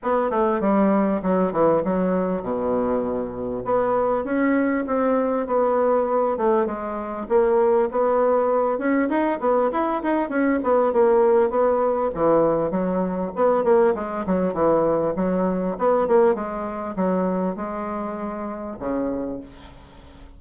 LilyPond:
\new Staff \with { instrumentName = "bassoon" } { \time 4/4 \tempo 4 = 99 b8 a8 g4 fis8 e8 fis4 | b,2 b4 cis'4 | c'4 b4. a8 gis4 | ais4 b4. cis'8 dis'8 b8 |
e'8 dis'8 cis'8 b8 ais4 b4 | e4 fis4 b8 ais8 gis8 fis8 | e4 fis4 b8 ais8 gis4 | fis4 gis2 cis4 | }